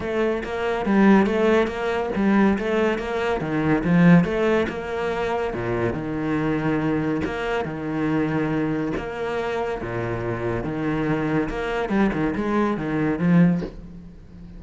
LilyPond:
\new Staff \with { instrumentName = "cello" } { \time 4/4 \tempo 4 = 141 a4 ais4 g4 a4 | ais4 g4 a4 ais4 | dis4 f4 a4 ais4~ | ais4 ais,4 dis2~ |
dis4 ais4 dis2~ | dis4 ais2 ais,4~ | ais,4 dis2 ais4 | g8 dis8 gis4 dis4 f4 | }